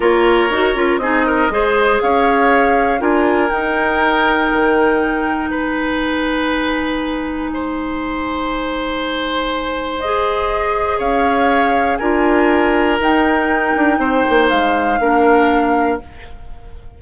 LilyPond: <<
  \new Staff \with { instrumentName = "flute" } { \time 4/4 \tempo 4 = 120 cis''2 dis''2 | f''2 gis''4 g''4~ | g''2. gis''4~ | gis''1~ |
gis''1 | dis''2 f''2 | gis''2 g''2~ | g''4 f''2. | }
  \new Staff \with { instrumentName = "oboe" } { \time 4/4 ais'2 gis'8 ais'8 c''4 | cis''2 ais'2~ | ais'2. b'4~ | b'2. c''4~ |
c''1~ | c''2 cis''2 | ais'1 | c''2 ais'2 | }
  \new Staff \with { instrumentName = "clarinet" } { \time 4/4 f'4 fis'8 f'8 dis'4 gis'4~ | gis'2 f'4 dis'4~ | dis'1~ | dis'1~ |
dis'1 | gis'1 | f'2 dis'2~ | dis'2 d'2 | }
  \new Staff \with { instrumentName = "bassoon" } { \time 4/4 ais4 dis'8 cis'8 c'4 gis4 | cis'2 d'4 dis'4~ | dis'4 dis2 gis4~ | gis1~ |
gis1~ | gis2 cis'2 | d'2 dis'4. d'8 | c'8 ais8 gis4 ais2 | }
>>